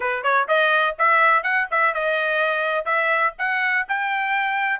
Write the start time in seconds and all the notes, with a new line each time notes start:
0.00 B4
0.23 C#5
0.48 D#5
0.98 E5
1.43 F#5
1.70 E5
1.94 D#5
2.85 E5
3.38 F#5
3.88 G5